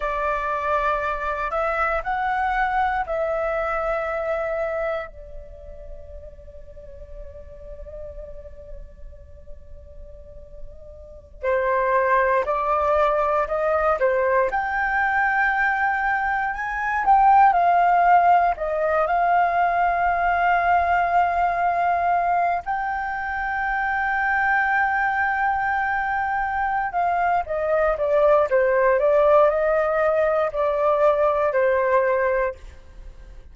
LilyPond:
\new Staff \with { instrumentName = "flute" } { \time 4/4 \tempo 4 = 59 d''4. e''8 fis''4 e''4~ | e''4 d''2.~ | d''2.~ d''16 c''8.~ | c''16 d''4 dis''8 c''8 g''4.~ g''16~ |
g''16 gis''8 g''8 f''4 dis''8 f''4~ f''16~ | f''2~ f''16 g''4.~ g''16~ | g''2~ g''8 f''8 dis''8 d''8 | c''8 d''8 dis''4 d''4 c''4 | }